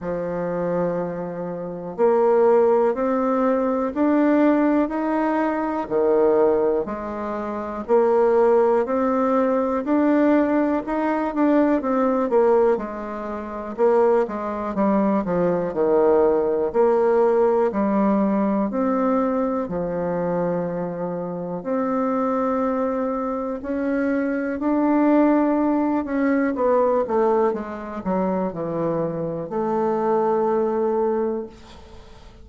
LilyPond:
\new Staff \with { instrumentName = "bassoon" } { \time 4/4 \tempo 4 = 61 f2 ais4 c'4 | d'4 dis'4 dis4 gis4 | ais4 c'4 d'4 dis'8 d'8 | c'8 ais8 gis4 ais8 gis8 g8 f8 |
dis4 ais4 g4 c'4 | f2 c'2 | cis'4 d'4. cis'8 b8 a8 | gis8 fis8 e4 a2 | }